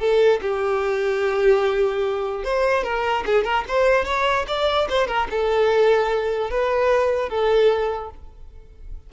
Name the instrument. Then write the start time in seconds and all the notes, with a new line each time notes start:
violin
0.00 A4
0.42 G4
2.44 C5
2.84 A#4
3.26 G#4
3.44 A#4
3.68 C5
4.05 C#5
4.48 D5
4.89 C5
5.08 A#4
5.31 A4
6.50 B4
7.29 A4